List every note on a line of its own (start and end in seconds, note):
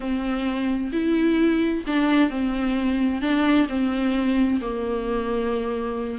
0.00 0.91 C4
0.92 1.84 E4
1.86 2.29 D4
2.29 3.21 C4
3.21 3.67 D4
3.68 4.60 C4
4.61 6.18 A#3